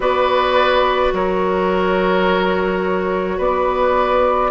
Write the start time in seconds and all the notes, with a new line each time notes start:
0.00 B3 F#4 B4 D5
1.12 F#3 A#4 C#5
3.37 B3 B4 D5